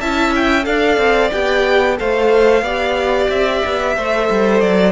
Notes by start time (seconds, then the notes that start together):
0.00 C#4 E4 E5 A5
0.35 G5
0.63 D4 A4 D5 F5
0.98 C4
1.31 B3 G4 G5
1.97 A3 A4 C5 F5
2.62 B3 G4 D5
3.29 C4 E5
3.65 B3
3.96 A3 A4 C5
4.31 G3
4.61 F#3 D5